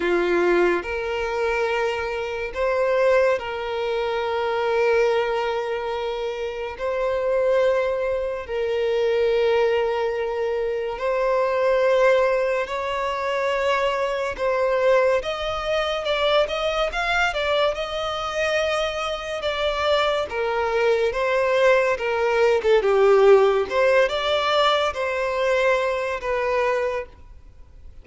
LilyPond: \new Staff \with { instrumentName = "violin" } { \time 4/4 \tempo 4 = 71 f'4 ais'2 c''4 | ais'1 | c''2 ais'2~ | ais'4 c''2 cis''4~ |
cis''4 c''4 dis''4 d''8 dis''8 | f''8 d''8 dis''2 d''4 | ais'4 c''4 ais'8. a'16 g'4 | c''8 d''4 c''4. b'4 | }